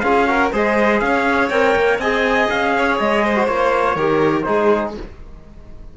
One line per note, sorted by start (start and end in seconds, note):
0.00 0.52 C#4
0.00 0.27 F4
0.00 0.29 G#4
0.00 0.49 F5
0.27 0.51 F#4
0.27 0.53 A#4
0.53 1.02 G#3
0.53 1.51 G#4
0.53 1.02 C5
0.53 1.00 D#5
1.00 1.51 C#4
1.00 2.00 C#5
1.00 1.49 F5
1.50 1.75 C4
1.50 2.01 A#4
1.50 1.99 G5
1.76 1.99 A#3
1.99 2.48 C4
1.99 3.36 G#4
1.99 2.74 D#5
1.99 2.49 G#5
2.50 3.00 C#4
2.50 2.99 F5
2.78 3.24 C#5
3.00 3.48 G#3
3.00 3.46 D#5
3.24 3.95 C5
3.36 3.48 F#4
3.46 3.96 A#3
3.46 3.98 F4
3.46 4.42 C#5
3.95 4.45 D#3
3.95 4.44 G4
3.95 4.45 A#4
4.42 4.97 G#3
4.42 4.93 D#4
4.42 4.96 G#4
4.42 4.91 C5